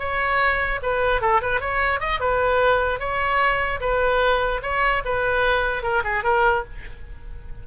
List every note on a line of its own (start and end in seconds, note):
0.00 0.81 C#5
0.83 1.22 B4
1.22 1.42 A4
1.42 1.61 B4
1.61 2.01 C#5
2.01 2.21 D#5
2.21 3.00 B4
3.00 3.81 C#5
3.81 4.62 B4
4.63 5.03 C#5
5.06 5.83 B4
5.83 6.03 A#4
6.04 6.24 G#4
6.24 6.64 A#4